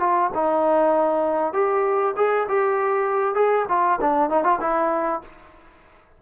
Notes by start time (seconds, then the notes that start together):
0.00 F4
0.35 D#4
1.54 G4
2.17 G#4
2.49 G4
3.35 G#4
3.69 F4
4.01 D4
4.30 D#4
4.44 F4
4.61 E4